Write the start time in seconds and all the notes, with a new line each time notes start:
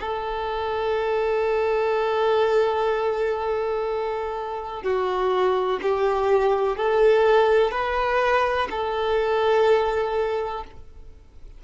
0.00 A4
4.83 F#4
5.82 G4
6.77 A4
7.71 B4
8.71 A4